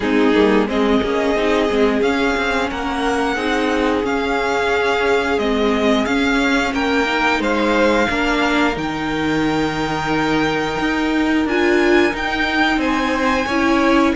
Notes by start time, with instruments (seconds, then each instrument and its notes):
0.00 cello G#3, viola C4, violin D#4 G#4
0.34 cello G3, viola A#3
0.67 cello G#3, viola C4, violin G#4 D#5
1.02 cello A#3, viola C#4
1.35 cello C4, viola D#4
1.68 cello G#3, viola C4
2.01 cello C#4, viola C#4, violin F5
2.37 cello C4
2.70 cello A#3, violin A#4 F#5
3.34 cello C4, viola D#4, violin G#4
4.03 viola C#4, cello C#4, violin F5
5.38 cello G#3, viola C4, violin D#5
6.05 cello C#4, viola C#4, violin F5
6.73 cello A#3, violin A#4 G5
7.06 viola D#4
7.39 cello G#3, violin C5 F5
8.09 cello A#3, viola D4, violin A#4
8.74 cello D#3, viola D#4, violin G5
10.79 cello D#4
11.45 cello D4, viola F4, violin G#5
12.11 viola D#4, cello D#4, violin G5
12.77 cello C4, violin C5 G#5
13.46 cello C#4, viola E4, violin C#5